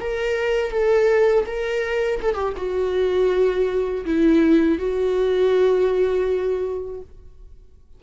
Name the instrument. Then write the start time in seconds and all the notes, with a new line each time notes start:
viola
0.00 A#4
0.71 A4
1.46 A#4
2.22 A4
2.34 G4
2.57 F#4
4.05 E4
4.78 F#4